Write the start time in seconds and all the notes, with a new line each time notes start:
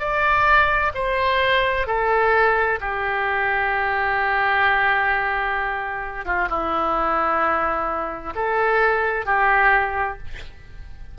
0.00 D5
0.95 C5
1.87 A4
2.80 G4
6.25 F4
6.49 E4
8.35 A4
9.26 G4